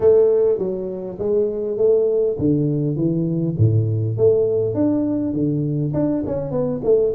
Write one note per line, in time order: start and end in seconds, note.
0.00 0.58 A3
0.58 1.17 F#3
1.18 1.77 G#3
1.77 2.36 A3
2.38 2.95 D3
2.95 3.55 E3
3.58 4.17 A2
4.17 4.74 A3
4.74 5.33 D4
5.33 5.92 D3
5.93 6.23 D4
6.26 6.51 C#4
6.51 6.80 B3
6.84 7.13 A3